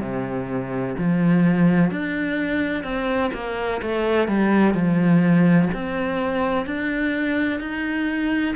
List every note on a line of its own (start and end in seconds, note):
0.00 0.95 C3
0.98 1.90 F3
1.90 2.83 D4
2.83 3.31 C4
3.33 3.81 A#3
3.81 4.28 A3
4.28 4.74 G3
4.74 5.69 F3
5.74 6.66 C4
6.66 7.59 D4
7.59 8.55 D#4